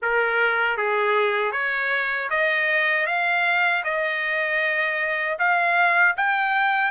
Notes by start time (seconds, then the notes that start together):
0.02 A#4
0.77 G#4
1.52 C#5
2.29 D#5
3.06 F5
3.84 D#5
5.38 F5
6.16 G5